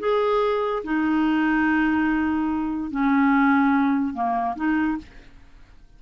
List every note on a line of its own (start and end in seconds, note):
0.00 0.83 G#4
0.84 2.91 D#4
2.91 4.14 C#4
4.14 4.56 A#3
4.56 4.98 D#4